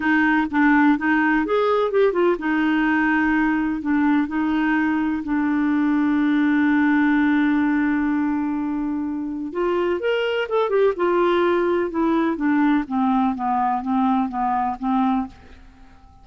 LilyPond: \new Staff \with { instrumentName = "clarinet" } { \time 4/4 \tempo 4 = 126 dis'4 d'4 dis'4 gis'4 | g'8 f'8 dis'2. | d'4 dis'2 d'4~ | d'1~ |
d'1 | f'4 ais'4 a'8 g'8 f'4~ | f'4 e'4 d'4 c'4 | b4 c'4 b4 c'4 | }